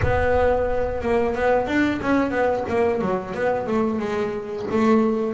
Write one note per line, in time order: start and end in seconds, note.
0.02 1.01 B3
1.01 1.35 A#3
1.35 1.67 B3
1.67 2.00 D4
2.02 2.30 C#4
2.30 2.64 B3
2.68 3.01 A#3
3.01 3.34 F#3
3.34 3.67 B3
3.67 3.99 A3
3.99 4.65 G#3
4.71 5.33 A3